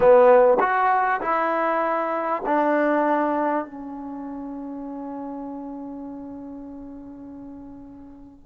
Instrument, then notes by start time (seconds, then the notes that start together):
trombone
0.00 B3
0.60 F#4
1.21 E4
2.45 D4
3.65 C#4